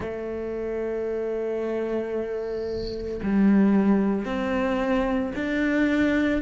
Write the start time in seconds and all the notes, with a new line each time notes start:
0.00 A3
3.22 G3
4.25 C4
5.35 D4